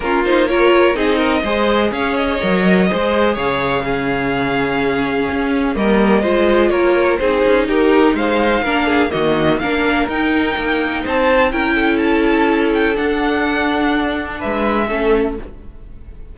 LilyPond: <<
  \new Staff \with { instrumentName = "violin" } { \time 4/4 \tempo 4 = 125 ais'8 c''8 cis''4 dis''2 | f''8 dis''2~ dis''8 f''4~ | f''1 | dis''2 cis''4 c''4 |
ais'4 f''2 dis''4 | f''4 g''2 a''4 | g''4 a''4. g''8 fis''4~ | fis''2 e''2 | }
  \new Staff \with { instrumentName = "violin" } { \time 4/4 f'4 ais'4 gis'8 ais'8 c''4 | cis''2 c''4 cis''4 | gis'1 | ais'4 c''4 ais'4 gis'4 |
g'4 c''4 ais'8 gis'8 fis'4 | ais'2. c''4 | ais'8 a'2.~ a'8~ | a'2 b'4 a'4 | }
  \new Staff \with { instrumentName = "viola" } { \time 4/4 cis'8 dis'8 f'4 dis'4 gis'4~ | gis'4 ais'4 gis'2 | cis'1 | ais4 f'2 dis'4~ |
dis'2 d'4 ais4 | d'4 dis'2. | e'2. d'4~ | d'2. cis'4 | }
  \new Staff \with { instrumentName = "cello" } { \time 4/4 ais2 c'4 gis4 | cis'4 fis4 gis4 cis4~ | cis2. cis'4 | g4 gis4 ais4 c'8 cis'8 |
dis'4 gis4 ais4 dis4 | ais4 dis'4 ais4 c'4 | cis'2. d'4~ | d'2 gis4 a4 | }
>>